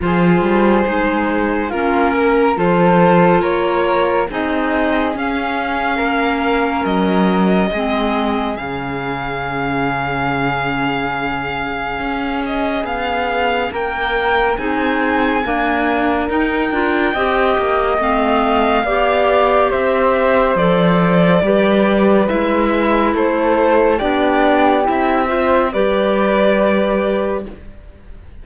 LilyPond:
<<
  \new Staff \with { instrumentName = "violin" } { \time 4/4 \tempo 4 = 70 c''2 ais'4 c''4 | cis''4 dis''4 f''2 | dis''2 f''2~ | f''2~ f''8 dis''8 f''4 |
g''4 gis''2 g''4~ | g''4 f''2 e''4 | d''2 e''4 c''4 | d''4 e''4 d''2 | }
  \new Staff \with { instrumentName = "flute" } { \time 4/4 gis'2 f'8 ais'8 a'4 | ais'4 gis'2 ais'4~ | ais'4 gis'2.~ | gis'1 |
ais'4 gis'4 ais'2 | dis''2 d''4 c''4~ | c''4 b'2 a'4 | g'4. c''8 b'2 | }
  \new Staff \with { instrumentName = "clarinet" } { \time 4/4 f'4 dis'4 cis'4 f'4~ | f'4 dis'4 cis'2~ | cis'4 c'4 cis'2~ | cis'1~ |
cis'4 dis'4 ais4 dis'8 f'8 | g'4 c'4 g'2 | a'4 g'4 e'2 | d'4 e'8 f'8 g'2 | }
  \new Staff \with { instrumentName = "cello" } { \time 4/4 f8 g8 gis4 ais4 f4 | ais4 c'4 cis'4 ais4 | fis4 gis4 cis2~ | cis2 cis'4 b4 |
ais4 c'4 d'4 dis'8 d'8 | c'8 ais8 a4 b4 c'4 | f4 g4 gis4 a4 | b4 c'4 g2 | }
>>